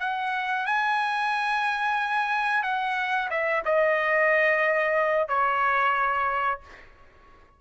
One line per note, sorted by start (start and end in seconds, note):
0.00 0.66 F#5
0.66 2.63 G#5
2.63 3.29 F#5
3.30 3.63 E5
3.65 5.29 D#5
5.29 6.61 C#5